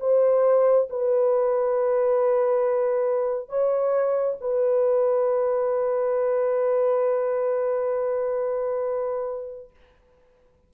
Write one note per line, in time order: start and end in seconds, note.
0.00 0.88 C5
0.90 3.49 B4
3.49 4.37 C#5
4.41 9.70 B4